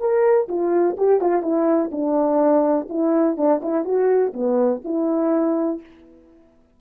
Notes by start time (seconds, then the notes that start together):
0.00 A#4
0.48 F4
0.97 G4
1.20 F4
1.42 E4
1.91 D4
2.89 E4
3.37 D4
3.62 E4
3.85 F#4
4.33 B3
4.84 E4